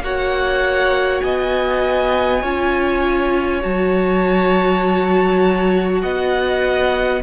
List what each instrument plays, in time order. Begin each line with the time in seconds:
0.00 cello A#3, viola F#4, violin C#5 F#5
1.20 cello B3, violin D#5 G#5
2.41 cello C#4, viola F4, violin C#5
3.62 cello F#3, viola F#4, violin A5
6.01 cello B3, violin D#5 F#5